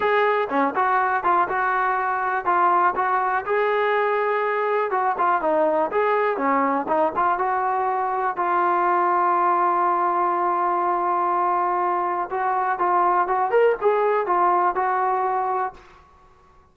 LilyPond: \new Staff \with { instrumentName = "trombone" } { \time 4/4 \tempo 4 = 122 gis'4 cis'8 fis'4 f'8 fis'4~ | fis'4 f'4 fis'4 gis'4~ | gis'2 fis'8 f'8 dis'4 | gis'4 cis'4 dis'8 f'8 fis'4~ |
fis'4 f'2.~ | f'1~ | f'4 fis'4 f'4 fis'8 ais'8 | gis'4 f'4 fis'2 | }